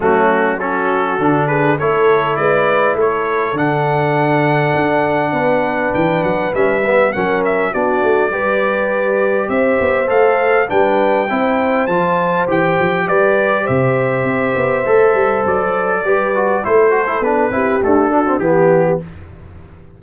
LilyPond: <<
  \new Staff \with { instrumentName = "trumpet" } { \time 4/4 \tempo 4 = 101 fis'4 a'4. b'8 cis''4 | d''4 cis''4 fis''2~ | fis''2 g''8 fis''8 e''4 | fis''8 e''8 d''2. |
e''4 f''4 g''2 | a''4 g''4 d''4 e''4~ | e''2 d''2 | c''4 b'4 a'4 g'4 | }
  \new Staff \with { instrumentName = "horn" } { \time 4/4 cis'4 fis'4. gis'8 a'4 | b'4 a'2.~ | a'4 b'2. | ais'4 fis'4 b'2 |
c''2 b'4 c''4~ | c''2 b'4 c''4~ | c''2. b'4 | a'4. g'4 fis'8 g'4 | }
  \new Staff \with { instrumentName = "trombone" } { \time 4/4 a4 cis'4 d'4 e'4~ | e'2 d'2~ | d'2. cis'8 b8 | cis'4 d'4 g'2~ |
g'4 a'4 d'4 e'4 | f'4 g'2.~ | g'4 a'2 g'8 fis'8 | e'8 fis'16 e'16 d'8 e'8 a8 d'16 c'16 b4 | }
  \new Staff \with { instrumentName = "tuba" } { \time 4/4 fis2 d4 a4 | gis4 a4 d2 | d'4 b4 e8 fis8 g4 | fis4 b8 a8 g2 |
c'8 b8 a4 g4 c'4 | f4 e8 f8 g4 c4 | c'8 b8 a8 g8 fis4 g4 | a4 b8 c'8 d'4 e4 | }
>>